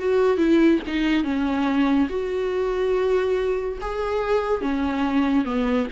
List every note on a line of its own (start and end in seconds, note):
0.00 0.38 F#4
0.38 0.80 E4
0.87 1.24 D#4
1.24 2.09 C#4
2.10 3.79 F#4
3.82 4.62 G#4
4.62 5.45 C#4
5.45 5.88 B3